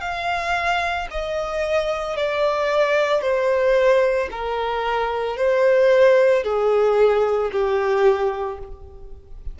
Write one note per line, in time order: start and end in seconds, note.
0.00 1.07 F5
1.11 2.16 D#5
2.16 3.21 D5
3.21 4.29 C5
4.31 5.37 A#4
5.37 6.43 C5
6.43 7.50 G#4
7.51 8.59 G4